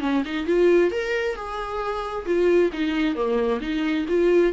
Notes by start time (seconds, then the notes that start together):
0.00 C#4
0.24 D#4
0.46 F4
0.91 A#4
1.35 G#4
2.25 F4
2.73 D#4
3.15 A#3
3.60 D#4
4.08 F4